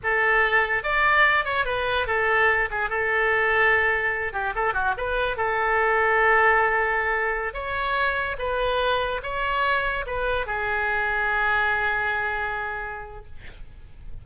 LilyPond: \new Staff \with { instrumentName = "oboe" } { \time 4/4 \tempo 4 = 145 a'2 d''4. cis''8 | b'4 a'4. gis'8 a'4~ | a'2~ a'8 g'8 a'8 fis'8 | b'4 a'2.~ |
a'2~ a'16 cis''4.~ cis''16~ | cis''16 b'2 cis''4.~ cis''16~ | cis''16 b'4 gis'2~ gis'8.~ | gis'1 | }